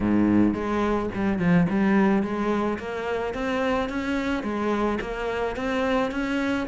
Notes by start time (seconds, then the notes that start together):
0.00 G#2
0.54 G#3
1.14 G3
1.39 F3
1.69 G3
2.22 G#3
2.78 A#3
3.34 C4
3.89 C#4
4.43 G#3
5.00 A#3
5.56 C4
6.11 C#4